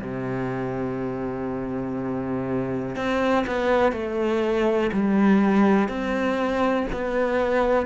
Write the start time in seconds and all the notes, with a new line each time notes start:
0.00 C3
2.95 C4
3.46 B3
3.92 A3
4.92 G3
5.88 C4
6.92 B3